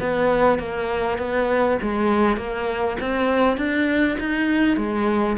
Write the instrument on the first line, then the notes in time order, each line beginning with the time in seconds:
cello
0.00 B3
0.59 A#3
1.18 B3
1.82 G#3
2.37 A#3
3.01 C4
3.57 D4
4.20 D#4
4.77 G#3